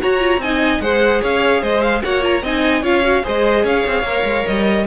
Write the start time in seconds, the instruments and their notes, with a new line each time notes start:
0.00 viola F#4, cello F#4, violin C#5 A#5
0.20 viola F4
0.38 cello C4, viola D#4, violin D#5 G#5
0.81 cello G#3, viola G#4, violin C5 F#5
1.21 cello C#4, violin C#5 F5
1.61 cello G#3, violin C5 D#5
1.82 violin F5
2.03 cello A#3, viola F#4, violin C#5 F#5
2.21 viola F4, violin A#5
2.42 cello C4, viola D#4, violin D#5 G#5
2.82 cello C#4, viola F4, violin C#5 F5
3.03 viola F#4
3.24 cello G#3, viola G#4, violin C5 D#5
3.64 cello C#4, violin C#5 F5
3.87 cello C4
4.03 cello A#3, viola A#4
4.24 cello G#3
4.47 cello G3, violin D#5